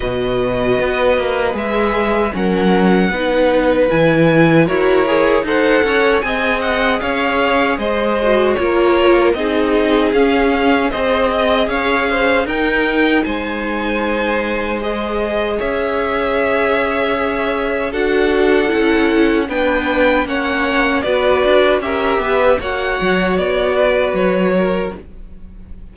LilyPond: <<
  \new Staff \with { instrumentName = "violin" } { \time 4/4 \tempo 4 = 77 dis''2 e''4 fis''4~ | fis''4 gis''4 cis''4 fis''4 | gis''8 fis''8 f''4 dis''4 cis''4 | dis''4 f''4 dis''4 f''4 |
g''4 gis''2 dis''4 | e''2. fis''4~ | fis''4 g''4 fis''4 d''4 | e''4 fis''4 d''4 cis''4 | }
  \new Staff \with { instrumentName = "violin" } { \time 4/4 b'2. ais'4 | b'2 ais'4 c''8 cis''8 | dis''4 cis''4 c''4 ais'4 | gis'2 c''8 dis''8 cis''8 c''8 |
ais'4 c''2. | cis''2. a'4~ | a'4 b'4 cis''4 b'4 | ais'8 b'8 cis''4. b'4 ais'8 | }
  \new Staff \with { instrumentName = "viola" } { \time 4/4 fis'2 gis'4 cis'4 | dis'4 e'4 fis'8 gis'8 a'4 | gis'2~ gis'8 fis'8 f'4 | dis'4 cis'4 gis'2 |
dis'2. gis'4~ | gis'2. fis'4 | e'4 d'4 cis'4 fis'4 | g'4 fis'2. | }
  \new Staff \with { instrumentName = "cello" } { \time 4/4 b,4 b8 ais8 gis4 fis4 | b4 e4 e'4 dis'8 cis'8 | c'4 cis'4 gis4 ais4 | c'4 cis'4 c'4 cis'4 |
dis'4 gis2. | cis'2. d'4 | cis'4 b4 ais4 b8 d'8 | cis'8 b8 ais8 fis8 b4 fis4 | }
>>